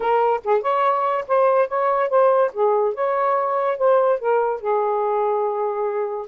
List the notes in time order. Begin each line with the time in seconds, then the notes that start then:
0.00 A#4
0.44 G#4
0.61 C#5
1.27 C5
1.68 C#5
2.09 C5
2.53 G#4
2.94 C#5
3.77 C5
4.19 A#4
4.61 G#4